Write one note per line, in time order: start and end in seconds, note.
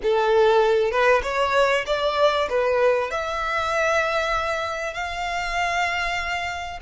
0.03 0.91 A4
0.91 1.22 B4
1.23 1.84 C#5
1.86 2.48 D5
2.49 3.10 B4
3.10 4.93 E5
4.93 6.79 F5